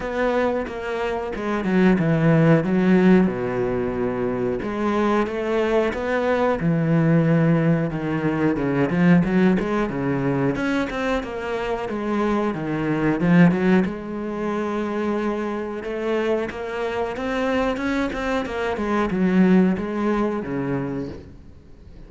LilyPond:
\new Staff \with { instrumentName = "cello" } { \time 4/4 \tempo 4 = 91 b4 ais4 gis8 fis8 e4 | fis4 b,2 gis4 | a4 b4 e2 | dis4 cis8 f8 fis8 gis8 cis4 |
cis'8 c'8 ais4 gis4 dis4 | f8 fis8 gis2. | a4 ais4 c'4 cis'8 c'8 | ais8 gis8 fis4 gis4 cis4 | }